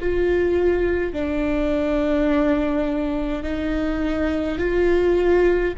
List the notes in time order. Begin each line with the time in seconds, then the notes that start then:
0.00 F4
1.13 D4
3.44 D#4
4.58 F4